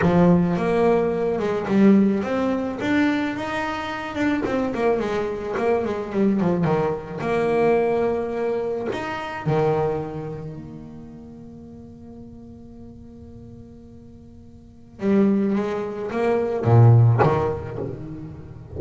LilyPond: \new Staff \with { instrumentName = "double bass" } { \time 4/4 \tempo 4 = 108 f4 ais4. gis8 g4 | c'4 d'4 dis'4. d'8 | c'8 ais8 gis4 ais8 gis8 g8 f8 | dis4 ais2. |
dis'4 dis2 ais4~ | ais1~ | ais2. g4 | gis4 ais4 ais,4 dis4 | }